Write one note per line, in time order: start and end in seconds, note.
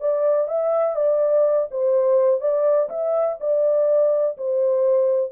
0.00 0.48 D5
0.48 0.96 E5
0.96 1.68 D5
1.71 2.40 C5
2.40 2.89 D5
2.89 3.38 E5
3.40 4.37 D5
4.37 5.31 C5